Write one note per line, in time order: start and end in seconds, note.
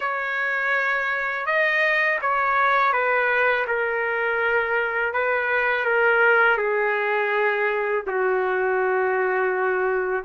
0.00 1.45 C#5
1.45 2.19 D#5
2.22 2.92 C#5
2.92 3.66 B4
3.67 5.13 A#4
5.13 5.85 B4
5.85 6.57 A#4
6.57 8.04 G#4
8.06 10.24 F#4